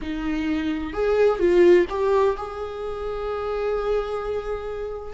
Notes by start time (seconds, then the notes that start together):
0.01 D#4
0.93 G#4
1.39 F4
1.89 G4
2.36 G#4